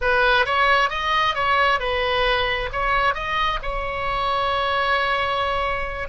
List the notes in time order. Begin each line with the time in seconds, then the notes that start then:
0.01 B4
0.45 C#5
0.89 D#5
1.35 C#5
1.79 B4
2.72 C#5
3.14 D#5
3.62 C#5